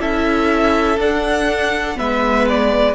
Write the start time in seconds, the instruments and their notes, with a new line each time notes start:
0.00 cello C#4, viola E4, violin A4 E5
0.98 cello D4, viola D4, violin F#5
1.96 cello G#3, viola B3, violin B4 E5
2.49 violin D5